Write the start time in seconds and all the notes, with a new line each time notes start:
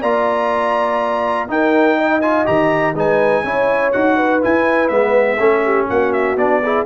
0.00 A#3 F4 D5 A#5
1.48 D#4 A#4 G5
1.98 D#5
2.21 F4 G#5
2.45 D#3 G4 A#5
2.94 G#3 D#4 B4 G#5
3.43 C#4 E4 C#5
3.92 D#4 F#4 F#5
4.16 B4
4.41 E4 G#5
4.88 G#3 B3 E5
5.39 A3 C#4 A4
5.64 G4
5.89 A#3 F#4 F#5
6.12 E5
6.36 B3 D4 D5
6.63 E4 G#4